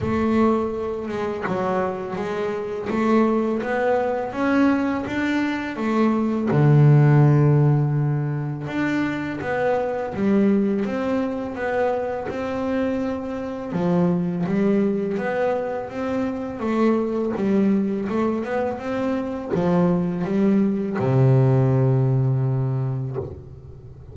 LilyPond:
\new Staff \with { instrumentName = "double bass" } { \time 4/4 \tempo 4 = 83 a4. gis8 fis4 gis4 | a4 b4 cis'4 d'4 | a4 d2. | d'4 b4 g4 c'4 |
b4 c'2 f4 | g4 b4 c'4 a4 | g4 a8 b8 c'4 f4 | g4 c2. | }